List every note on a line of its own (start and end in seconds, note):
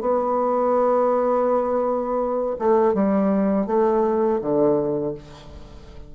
0.00 2.56 B3
2.58 2.94 A3
2.94 3.66 G3
3.66 4.39 A3
4.41 5.14 D3